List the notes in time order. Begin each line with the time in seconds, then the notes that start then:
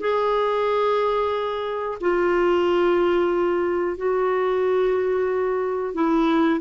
0.00 G#4
2.00 F4
3.97 F#4
5.94 E4